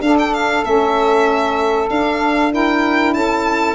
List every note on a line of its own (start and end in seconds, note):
0.00 0.62 D4
0.00 0.63 D4
0.00 2.52 A4
0.00 0.16 F5
0.18 0.33 G5
0.33 0.64 F5
0.63 1.89 A3
0.63 1.88 C#4
0.63 1.89 E5
1.89 3.14 D4
1.89 2.50 D4
1.89 2.52 F5
2.50 3.74 E4
2.50 3.14 A#4
2.50 3.13 G5
3.13 3.74 C#4
3.13 3.74 A4
3.13 3.74 A5